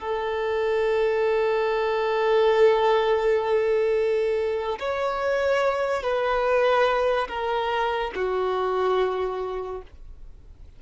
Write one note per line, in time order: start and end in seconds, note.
0.00 4.79 A4
4.79 6.03 C#5
6.03 7.28 B4
7.28 8.11 A#4
8.15 9.82 F#4